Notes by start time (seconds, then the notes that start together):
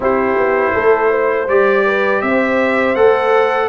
0.00 C4 E4 G4 C5
0.36 B3
0.73 A3 A4
1.10 C5
1.48 G3 G4 D5
1.86 B4
2.21 C4 C5 E5
2.95 A3 A4 F#5